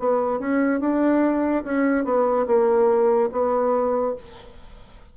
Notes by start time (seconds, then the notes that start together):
0.00 B3
0.40 C#4
0.81 D4
1.64 C#4
2.05 B3
2.47 A#3
3.32 B3